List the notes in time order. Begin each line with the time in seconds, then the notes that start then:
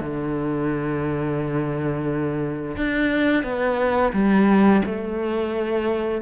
0.00 D3
2.76 D4
3.43 B3
4.13 G3
4.85 A3